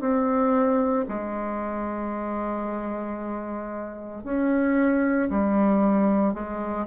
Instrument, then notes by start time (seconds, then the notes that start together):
bassoon
0.00 C4
1.09 G#3
4.24 C#4
5.30 G3
6.34 G#3